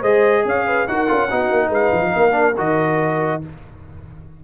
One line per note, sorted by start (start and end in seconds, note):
0.00 0.44 G#3
0.00 0.88 G#4
0.00 0.42 C5
0.00 0.45 D#5
0.44 0.87 C#4
0.44 0.67 C#5
0.44 0.87 F5
0.67 0.88 B4
0.87 1.09 D#4
0.87 1.07 F#4
0.87 1.30 A#4
0.87 1.72 F#5
1.07 1.31 C#4
1.07 1.29 F4
1.30 1.50 B3
1.30 2.31 D#4
1.30 1.68 F#4
1.50 1.69 A#3
1.68 1.90 G#3
1.68 2.10 B4
1.68 2.58 F5
1.93 2.14 F3
2.16 2.58 A#3
2.16 3.44 A#4
2.31 2.52 D4
2.57 3.43 D#3
2.57 3.41 F#4
2.57 3.43 D#5